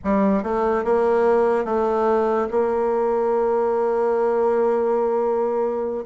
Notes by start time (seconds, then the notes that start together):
0.04 G3
0.43 A3
0.84 A#3
1.64 A3
2.50 A#3